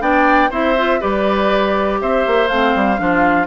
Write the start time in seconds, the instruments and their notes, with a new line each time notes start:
0.00 bassoon B3, clarinet D4, oboe D5, flute G5
0.50 bassoon C4, clarinet E4, oboe C5, flute E5
0.77 clarinet F4
1.00 bassoon G3, clarinet G4, oboe B4, flute D5
2.01 bassoon C4, oboe C5, flute E5
2.26 bassoon A#3
2.47 bassoon A3, clarinet C4, flute F5
2.75 bassoon G3
2.97 bassoon F3, clarinet D4, oboe F4